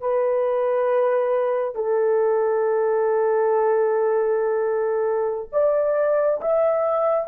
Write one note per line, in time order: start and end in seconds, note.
0.00 1.75 B4
1.75 5.50 A4
5.52 6.41 D5
6.41 7.28 E5